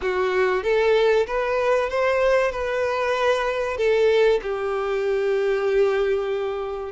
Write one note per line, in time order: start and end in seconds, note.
0.01 0.63 F#4
0.63 1.26 A4
1.27 1.89 B4
1.89 2.51 C5
2.51 3.77 B4
3.77 4.40 A4
4.42 6.92 G4